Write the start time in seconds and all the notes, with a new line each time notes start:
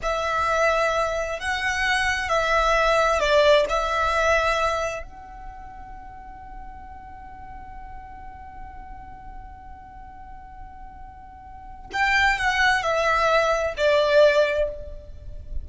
0.02 E5
1.39 F#5
2.28 E5
3.20 D5
3.69 E5
5.02 F#5
11.92 G5
12.38 F#5
12.82 E5
13.77 D5